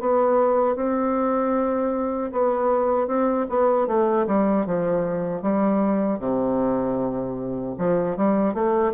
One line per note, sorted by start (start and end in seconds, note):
0.00 0.75 B3
0.75 2.31 C4
2.32 3.07 B3
3.07 3.46 C4
3.49 3.87 B3
3.87 4.26 A3
4.27 4.66 G3
4.66 5.42 F3
5.42 6.19 G3
6.19 7.75 C3
7.78 8.17 F3
8.17 8.54 G3
8.54 8.93 A3